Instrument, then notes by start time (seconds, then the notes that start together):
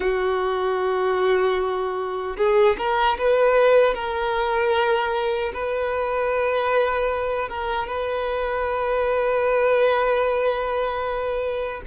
violin
0.00 F#4
2.37 G#4
2.78 A#4
3.18 B4
3.94 A#4
5.53 B4
7.48 A#4
7.87 B4